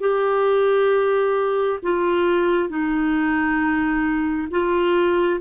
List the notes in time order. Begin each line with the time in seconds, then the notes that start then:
0.00 G4
1.83 F4
2.69 D#4
4.50 F4